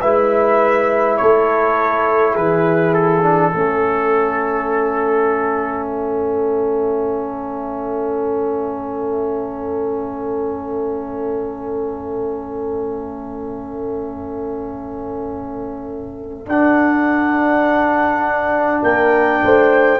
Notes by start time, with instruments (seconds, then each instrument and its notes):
0.00 tuba G#3, trombone E4, horn B4, trumpet E5
1.17 tuba A3, horn A4, trumpet C#5
2.32 tuba E3, horn G#4, trumpet B4
2.93 trumpet A4
3.22 trombone D4
3.52 tuba A3, trombone C#4, horn A4
5.87 trumpet E5
16.46 tuba D4, trombone D4, trumpet F#5
18.82 tuba A#3, horn A#4, trumpet G5
19.43 tuba A3, horn C5